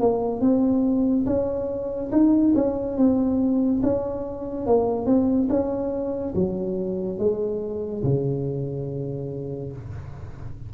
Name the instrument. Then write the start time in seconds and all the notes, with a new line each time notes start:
tuba
0.00 A#3
0.41 C4
1.26 C#4
2.12 D#4
2.55 C#4
2.97 C4
3.83 C#4
4.66 A#3
5.06 C4
5.49 C#4
6.35 F#3
7.18 G#3
8.03 C#3